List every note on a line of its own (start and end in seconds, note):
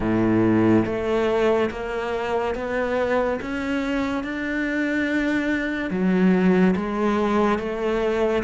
0.00 0.85 A2
0.85 1.69 A3
1.70 2.54 A#3
2.55 3.39 B3
3.41 4.23 C#4
4.23 5.90 D4
5.90 6.75 F#3
6.76 7.58 G#3
7.58 8.43 A3